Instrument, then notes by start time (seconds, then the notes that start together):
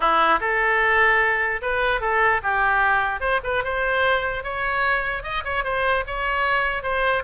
oboe
0.00 E4
0.40 A4
1.61 B4
2.00 A4
2.42 G4
3.20 C5
3.43 B4
3.64 C5
4.43 C#5
5.23 D#5
5.44 C#5
5.64 C5
6.06 C#5
6.83 C5